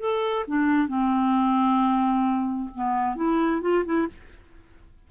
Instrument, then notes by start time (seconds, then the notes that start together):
clarinet
0.00 A4
0.47 D4
0.88 C4
2.74 B3
3.16 E4
3.61 F4
3.85 E4